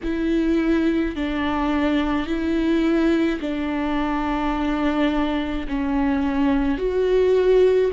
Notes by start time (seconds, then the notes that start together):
0.03 E4
1.15 D4
2.26 E4
3.40 D4
5.68 C#4
6.78 F#4